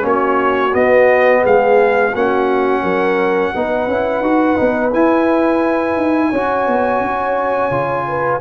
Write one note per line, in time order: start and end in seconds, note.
0.00 0.73 A#3
0.00 0.70 C#4
0.00 1.42 F#4
0.07 0.74 C#5
0.72 2.12 B3
0.72 1.44 B3
0.72 1.44 D#5
1.42 2.14 G#3
1.42 2.11 G#4
1.42 2.15 F5
2.12 2.83 A#3
2.12 3.54 C#4
2.12 2.82 F#4
2.12 4.92 F#5
2.83 3.53 F#3
2.83 3.52 A#4
3.54 3.87 B3
3.54 3.89 D#4
3.54 6.29 B4
3.87 4.21 C#4
3.87 4.23 E4
4.21 4.56 D#4
4.21 4.56 F#4
4.56 4.93 B3
4.56 4.91 D#4
4.92 5.97 E4
4.92 6.33 E4
4.92 8.40 G#5
5.97 6.31 D#4
6.29 6.67 C#4
6.29 7.70 F#4
6.29 8.04 C#5
6.67 7.01 B3
7.01 7.70 C#4
7.70 8.40 C#3
7.70 8.40 F4
8.07 8.40 B4